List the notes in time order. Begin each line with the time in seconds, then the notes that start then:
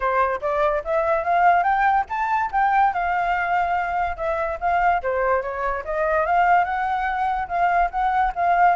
0.00 C5
0.41 D5
0.84 E5
1.24 F5
1.63 G5
2.09 A5
2.51 G5
2.93 F5
4.16 E5
4.60 F5
5.02 C5
5.42 C#5
5.84 D#5
6.26 F5
6.64 F#5
7.48 F5
7.91 F#5
8.35 F5